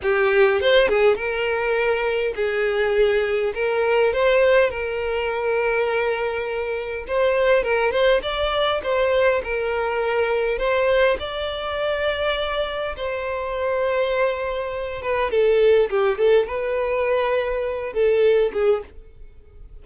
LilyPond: \new Staff \with { instrumentName = "violin" } { \time 4/4 \tempo 4 = 102 g'4 c''8 gis'8 ais'2 | gis'2 ais'4 c''4 | ais'1 | c''4 ais'8 c''8 d''4 c''4 |
ais'2 c''4 d''4~ | d''2 c''2~ | c''4. b'8 a'4 g'8 a'8 | b'2~ b'8 a'4 gis'8 | }